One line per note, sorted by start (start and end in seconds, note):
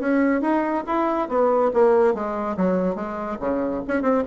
0.00 0.42 C#4
0.42 0.84 D#4
0.87 1.29 E4
1.29 1.72 B3
1.74 2.14 A#3
2.14 2.57 G#3
2.57 2.96 F#3
2.96 3.38 G#3
3.40 3.83 C#3
3.88 4.02 C#4
4.02 4.24 C4